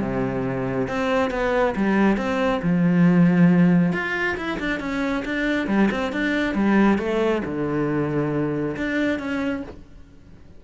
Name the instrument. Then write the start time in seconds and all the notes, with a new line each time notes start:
cello
0.00 C3
0.88 C4
1.30 B3
1.75 G3
2.17 C4
2.62 F3
3.92 F4
4.37 E4
4.59 D4
4.80 C#4
5.25 D4
5.67 G3
5.91 C4
6.12 D4
6.54 G3
6.98 A3
7.45 D3
8.76 D4
9.19 C#4